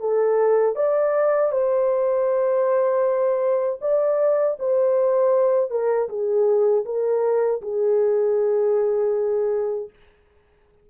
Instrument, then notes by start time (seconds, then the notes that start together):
horn
0.00 A4
0.76 D5
1.52 C5
3.81 D5
4.59 C5
5.71 A#4
6.09 G#4
6.86 A#4
7.62 G#4